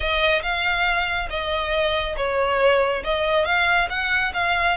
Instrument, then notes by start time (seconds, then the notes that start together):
violin
0.00 D#5
0.42 F5
1.29 D#5
2.16 C#5
3.04 D#5
3.45 F5
3.89 F#5
4.33 F5